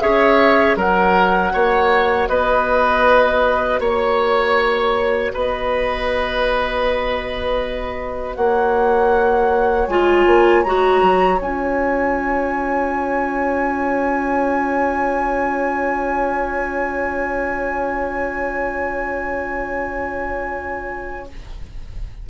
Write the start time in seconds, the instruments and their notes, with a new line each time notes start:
0.00 bassoon C#4, clarinet G#4, oboe C#5, flute E5
0.76 bassoon F#3, clarinet F#4, oboe A#4, flute F#5
1.53 bassoon A#3, oboe C#5
2.28 bassoon B3, oboe B4, flute D#5
3.79 bassoon A#3, oboe C#5, flute C#5
5.32 bassoon B3, oboe B4, flute D#5
8.35 bassoon A#3, oboe C#5, flute F#5
9.87 bassoon G#3, clarinet F4, flute G#5
10.26 bassoon A#3
10.63 bassoon G#3, clarinet F#4, flute A#5
11.02 bassoon F#3
11.38 bassoon C#4, clarinet F4, flute G#5